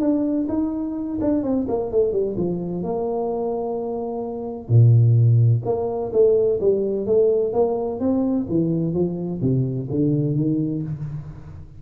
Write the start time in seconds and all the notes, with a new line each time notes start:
0.00 D4
0.49 D#4
1.21 D4
1.43 C4
1.68 A#3
1.91 A3
2.12 G3
2.37 F3
2.83 A#3
4.68 A#2
5.65 A#3
6.12 A3
6.60 G3
7.06 A3
7.53 A#3
8.00 C4
8.49 E3
8.93 F3
9.41 C3
9.90 D3
10.35 D#3